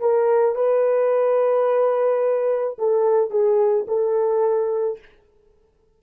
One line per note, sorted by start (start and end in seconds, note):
0.00 0.55 A#4
0.55 2.77 B4
2.78 3.30 A4
3.30 3.86 G#4
3.88 4.99 A4